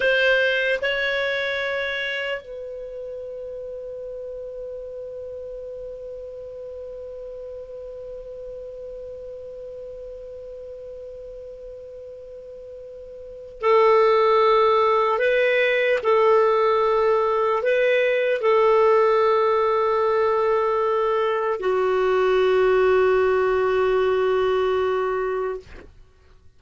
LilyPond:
\new Staff \with { instrumentName = "clarinet" } { \time 4/4 \tempo 4 = 75 c''4 cis''2 b'4~ | b'1~ | b'1~ | b'1~ |
b'4 a'2 b'4 | a'2 b'4 a'4~ | a'2. fis'4~ | fis'1 | }